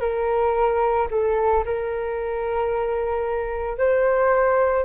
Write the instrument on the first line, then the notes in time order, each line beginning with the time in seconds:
flute
0.00 A#4
1.11 A4
1.65 A#4
3.77 C5